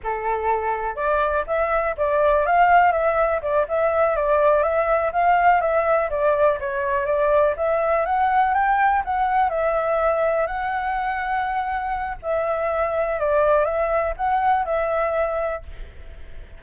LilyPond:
\new Staff \with { instrumentName = "flute" } { \time 4/4 \tempo 4 = 123 a'2 d''4 e''4 | d''4 f''4 e''4 d''8 e''8~ | e''8 d''4 e''4 f''4 e''8~ | e''8 d''4 cis''4 d''4 e''8~ |
e''8 fis''4 g''4 fis''4 e''8~ | e''4. fis''2~ fis''8~ | fis''4 e''2 d''4 | e''4 fis''4 e''2 | }